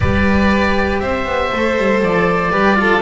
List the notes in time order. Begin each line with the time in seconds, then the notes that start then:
0.00 G3 G4 B4 D5
0.99 C4 C5 E5
1.25 B3
1.52 A3 A4
1.77 G3
2.02 F3 D5
2.51 G3 G4 B4
2.75 F4 A4